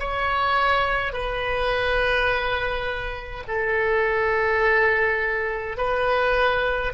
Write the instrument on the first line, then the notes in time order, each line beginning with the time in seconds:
oboe
0.00 C#5
1.13 B4
3.48 A4
5.77 B4